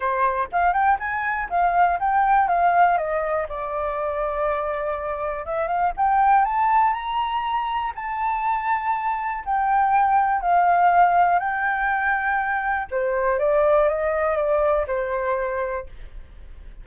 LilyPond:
\new Staff \with { instrumentName = "flute" } { \time 4/4 \tempo 4 = 121 c''4 f''8 g''8 gis''4 f''4 | g''4 f''4 dis''4 d''4~ | d''2. e''8 f''8 | g''4 a''4 ais''2 |
a''2. g''4~ | g''4 f''2 g''4~ | g''2 c''4 d''4 | dis''4 d''4 c''2 | }